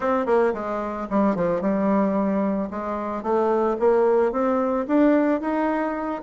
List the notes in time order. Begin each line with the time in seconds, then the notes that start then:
0.00 C4
0.26 A#3
0.53 G#3
1.10 G3
1.35 F3
1.61 G3
2.70 G#3
3.22 A3
3.79 A#3
4.31 C4
4.87 D4
5.40 D#4